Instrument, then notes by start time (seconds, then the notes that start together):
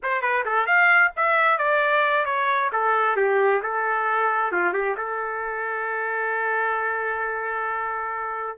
trumpet
0.02 C5
0.21 B4
0.45 A4
0.66 F5
1.16 E5
1.57 D5
2.25 C#5
2.72 A4
3.16 G4
3.62 A4
4.51 F4
4.73 G4
4.97 A4